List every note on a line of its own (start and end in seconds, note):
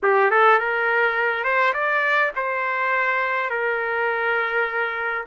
0.02 0.30 G4
0.30 0.59 A4
0.59 1.44 A#4
1.44 1.73 C5
1.73 2.31 D5
2.36 3.50 C5
3.50 5.24 A#4